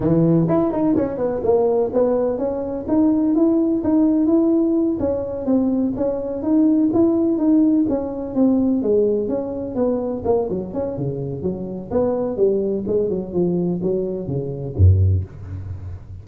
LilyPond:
\new Staff \with { instrumentName = "tuba" } { \time 4/4 \tempo 4 = 126 e4 e'8 dis'8 cis'8 b8 ais4 | b4 cis'4 dis'4 e'4 | dis'4 e'4. cis'4 c'8~ | c'8 cis'4 dis'4 e'4 dis'8~ |
dis'8 cis'4 c'4 gis4 cis'8~ | cis'8 b4 ais8 fis8 cis'8 cis4 | fis4 b4 g4 gis8 fis8 | f4 fis4 cis4 fis,4 | }